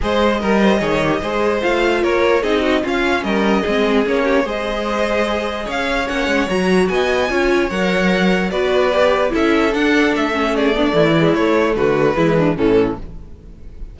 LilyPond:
<<
  \new Staff \with { instrumentName = "violin" } { \time 4/4 \tempo 4 = 148 dis''1 | f''4 cis''4 dis''4 f''4 | dis''2 cis''4 dis''4~ | dis''2 f''4 fis''4 |
ais''4 gis''2 fis''4~ | fis''4 d''2 e''4 | fis''4 e''4 d''2 | cis''4 b'2 a'4 | }
  \new Staff \with { instrumentName = "violin" } { \time 4/4 c''4 ais'8 c''8 cis''4 c''4~ | c''4 ais'4 gis'8 fis'8 f'4 | ais'4 gis'4. g'8 c''4~ | c''2 cis''2~ |
cis''4 dis''4 cis''2~ | cis''4 b'2 a'4~ | a'2 gis'8 d'8 e'4~ | e'4 fis'4 e'8 d'8 cis'4 | }
  \new Staff \with { instrumentName = "viola" } { \time 4/4 gis'4 ais'4 gis'8 g'8 gis'4 | f'2 dis'4 cis'4~ | cis'4 c'4 cis'4 gis'4~ | gis'2. cis'4 |
fis'2 f'4 ais'4~ | ais'4 fis'4 g'4 e'4 | d'4. cis'4 b8 a8 gis8 | a2 gis4 e4 | }
  \new Staff \with { instrumentName = "cello" } { \time 4/4 gis4 g4 dis4 gis4 | a4 ais4 c'4 cis'4 | g4 gis4 ais4 gis4~ | gis2 cis'4 ais8 gis8 |
fis4 b4 cis'4 fis4~ | fis4 b2 cis'4 | d'4 a2 e4 | a4 d4 e4 a,4 | }
>>